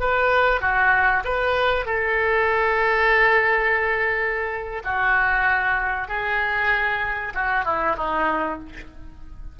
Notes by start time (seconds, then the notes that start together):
0.00 B4
0.61 F#4
1.24 B4
1.85 A4
4.84 F#4
6.08 G#4
7.34 F#4
7.64 E4
7.97 D#4